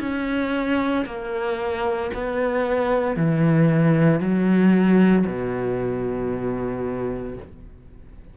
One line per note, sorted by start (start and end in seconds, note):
0.00 1.05 C#4
1.06 2.11 A#3
2.14 3.16 B3
3.16 4.20 E3
4.20 5.25 F#3
5.26 7.37 B2